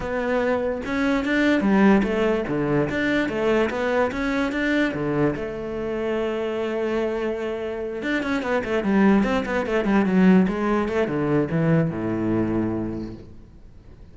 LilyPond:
\new Staff \with { instrumentName = "cello" } { \time 4/4 \tempo 4 = 146 b2 cis'4 d'4 | g4 a4 d4 d'4 | a4 b4 cis'4 d'4 | d4 a2.~ |
a2.~ a8 d'8 | cis'8 b8 a8 g4 c'8 b8 a8 | g8 fis4 gis4 a8 d4 | e4 a,2. | }